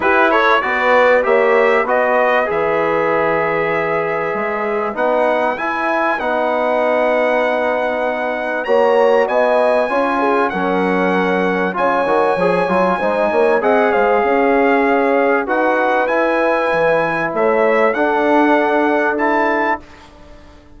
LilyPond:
<<
  \new Staff \with { instrumentName = "trumpet" } { \time 4/4 \tempo 4 = 97 b'8 cis''8 d''4 e''4 dis''4 | e''1 | fis''4 gis''4 fis''2~ | fis''2 ais''4 gis''4~ |
gis''4 fis''2 gis''4~ | gis''2 fis''8 f''4.~ | f''4 fis''4 gis''2 | e''4 fis''2 a''4 | }
  \new Staff \with { instrumentName = "horn" } { \time 4/4 g'8 a'8 b'4 cis''4 b'4~ | b'1~ | b'1~ | b'2 cis''4 dis''4 |
cis''8 gis'8 ais'2 cis''4~ | cis''4 c''8 cis''8 dis''8 c''8 cis''4~ | cis''4 b'2. | cis''4 a'2. | }
  \new Staff \with { instrumentName = "trombone" } { \time 4/4 e'4 fis'4 g'4 fis'4 | gis'1 | dis'4 e'4 dis'2~ | dis'2 fis'2 |
f'4 cis'2 f'8 fis'8 | gis'8 f'8 dis'4 gis'2~ | gis'4 fis'4 e'2~ | e'4 d'2 e'4 | }
  \new Staff \with { instrumentName = "bassoon" } { \time 4/4 e'4 b4 ais4 b4 | e2. gis4 | b4 e'4 b2~ | b2 ais4 b4 |
cis'4 fis2 cis8 dis8 | f8 fis8 gis8 ais8 c'8 gis8 cis'4~ | cis'4 dis'4 e'4 e4 | a4 d'2. | }
>>